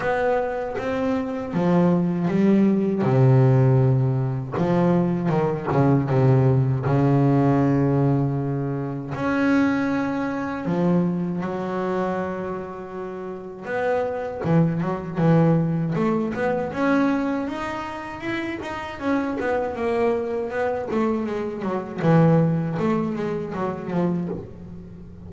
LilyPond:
\new Staff \with { instrumentName = "double bass" } { \time 4/4 \tempo 4 = 79 b4 c'4 f4 g4 | c2 f4 dis8 cis8 | c4 cis2. | cis'2 f4 fis4~ |
fis2 b4 e8 fis8 | e4 a8 b8 cis'4 dis'4 | e'8 dis'8 cis'8 b8 ais4 b8 a8 | gis8 fis8 e4 a8 gis8 fis8 f8 | }